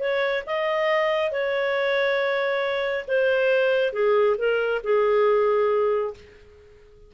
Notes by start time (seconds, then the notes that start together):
0.00 C#5
0.46 D#5
1.31 C#5
3.08 C5
3.93 G#4
4.38 A#4
4.84 G#4